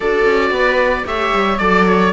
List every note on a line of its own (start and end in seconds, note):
0.00 0.26 D4
0.00 1.05 F#4
0.00 0.51 A4
0.00 1.06 D5
0.26 0.50 C#4
0.50 1.04 B3
0.50 1.06 B4
1.05 1.32 A3
1.05 1.58 G4
1.05 1.60 C#5
1.05 1.58 E5
1.33 1.59 G3
1.58 2.12 F#3
1.58 2.13 A4
1.58 1.84 D5
1.58 2.13 D5
1.87 2.13 C#5